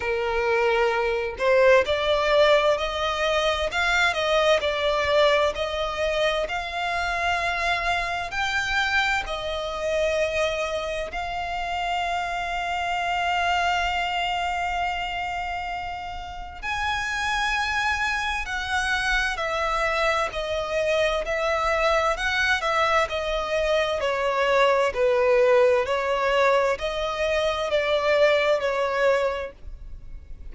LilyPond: \new Staff \with { instrumentName = "violin" } { \time 4/4 \tempo 4 = 65 ais'4. c''8 d''4 dis''4 | f''8 dis''8 d''4 dis''4 f''4~ | f''4 g''4 dis''2 | f''1~ |
f''2 gis''2 | fis''4 e''4 dis''4 e''4 | fis''8 e''8 dis''4 cis''4 b'4 | cis''4 dis''4 d''4 cis''4 | }